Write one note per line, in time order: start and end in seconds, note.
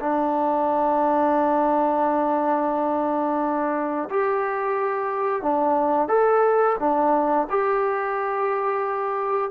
0.00 4.09 D4
4.10 5.42 G4
5.42 6.08 D4
6.08 6.76 A4
6.79 7.47 D4
7.49 9.51 G4